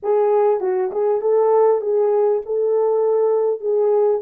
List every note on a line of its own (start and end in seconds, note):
0.02 0.60 G#4
0.60 0.90 F#4
0.91 1.21 G#4
1.21 1.81 A4
1.81 2.41 G#4
2.45 3.60 A4
3.60 4.21 G#4